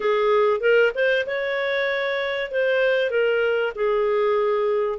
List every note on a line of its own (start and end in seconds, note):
0.00 0.60 G#4
0.60 0.91 A#4
0.94 1.26 C5
1.26 2.51 C#5
2.51 3.10 C5
3.10 3.72 A#4
3.75 4.98 G#4